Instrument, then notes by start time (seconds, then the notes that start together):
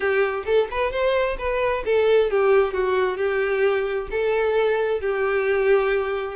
violin
0.00 G4
0.45 A4
0.70 B4
0.91 C5
1.38 B4
1.85 A4
2.30 G4
2.73 F#4
3.17 G4
4.11 A4
5.00 G4